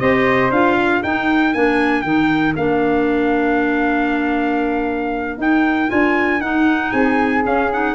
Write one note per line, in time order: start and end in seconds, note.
0.00 0.51 C4
0.00 0.51 G4
0.00 0.76 C5
0.00 0.51 D#5
0.51 1.02 D4
0.51 1.04 F4
0.51 1.03 F5
0.76 6.91 A#4
1.03 1.55 D#4
1.03 1.54 D#4
1.03 1.54 G5
1.54 2.04 A#3
1.54 2.05 D4
1.54 2.02 G#5
2.02 2.55 D#3
2.02 2.56 D#4
2.02 2.53 G5
2.56 5.38 A#3
2.56 5.39 D4
2.56 5.39 F5
5.38 5.89 D#4
5.38 5.88 D#4
5.38 5.90 G5
5.88 6.40 D4
5.88 6.39 F4
5.88 6.41 G#5
6.40 6.92 D#4
6.40 7.44 D#4
6.40 6.91 F#5
6.91 7.44 C4
6.91 7.95 G#4
6.91 7.43 G#5
7.44 7.70 C#4
7.44 7.95 C#4
7.44 7.71 F5
7.72 7.95 D#4
7.72 7.95 F#5